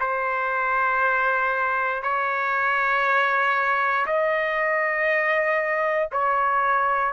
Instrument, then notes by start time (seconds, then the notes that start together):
trumpet
0.00 C5
2.03 C#5
4.07 D#5
6.12 C#5